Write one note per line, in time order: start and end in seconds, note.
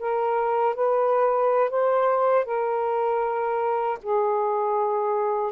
0.00 0.75 A#4
0.75 1.70 B4
1.70 2.45 C5
2.45 3.99 A#4
4.03 5.52 G#4